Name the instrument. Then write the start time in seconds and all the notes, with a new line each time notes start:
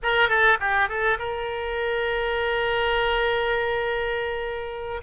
oboe
0.03 A#4
0.28 A4
0.60 G4
0.88 A4
1.18 A#4